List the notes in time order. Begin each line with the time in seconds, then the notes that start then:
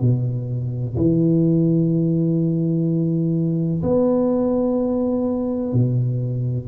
0.00 B2
0.96 E3
3.82 B3
5.72 B2